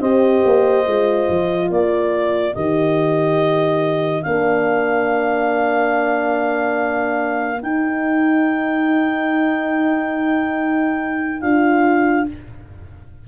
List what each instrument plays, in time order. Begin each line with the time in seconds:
0.00 tuba C4, horn G4 C5, clarinet D#5
0.45 tuba A#3
0.86 tuba G#3, horn F4
1.29 tuba F3
1.68 tuba A#3, horn A#4, clarinet D5
2.54 tuba D#3, horn G4, clarinet D#5
4.22 tuba A#3, horn D4, clarinet F5
7.61 horn D#4, tuba D#4, clarinet G5
11.41 tuba D4, horn F4, clarinet F5